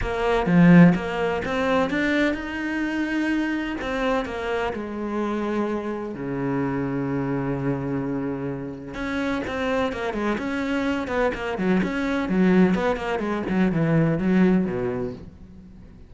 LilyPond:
\new Staff \with { instrumentName = "cello" } { \time 4/4 \tempo 4 = 127 ais4 f4 ais4 c'4 | d'4 dis'2. | c'4 ais4 gis2~ | gis4 cis2.~ |
cis2. cis'4 | c'4 ais8 gis8 cis'4. b8 | ais8 fis8 cis'4 fis4 b8 ais8 | gis8 fis8 e4 fis4 b,4 | }